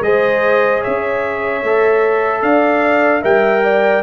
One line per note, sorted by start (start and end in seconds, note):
0.00 0.80 G#3
0.00 1.63 G#4
0.00 0.81 C5
0.00 0.83 D#5
0.81 2.41 C#5
0.81 2.42 E5
0.87 1.63 C#4
1.63 2.42 A3
1.63 3.23 A4
2.42 3.22 D4
2.42 3.22 D5
2.42 3.22 F5
3.22 4.03 G3
3.22 4.03 A#4
3.22 3.62 E5
3.22 4.03 G5
3.64 4.03 D5